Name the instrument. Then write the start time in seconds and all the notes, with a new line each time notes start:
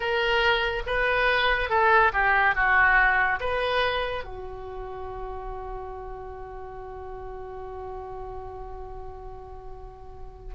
oboe
0.00 A#4
0.86 B4
1.69 A4
2.12 G4
2.55 F#4
3.40 B4
4.24 F#4